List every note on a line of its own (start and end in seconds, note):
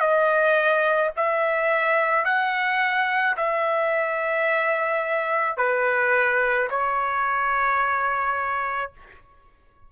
0.00 1.11 D#5
1.16 2.25 E5
2.25 3.36 F#5
3.36 5.57 E5
5.57 6.68 B4
6.70 8.92 C#5